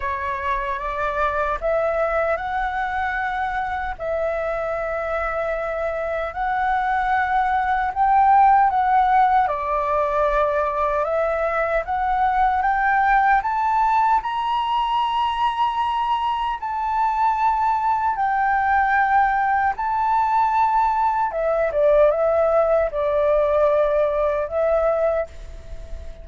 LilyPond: \new Staff \with { instrumentName = "flute" } { \time 4/4 \tempo 4 = 76 cis''4 d''4 e''4 fis''4~ | fis''4 e''2. | fis''2 g''4 fis''4 | d''2 e''4 fis''4 |
g''4 a''4 ais''2~ | ais''4 a''2 g''4~ | g''4 a''2 e''8 d''8 | e''4 d''2 e''4 | }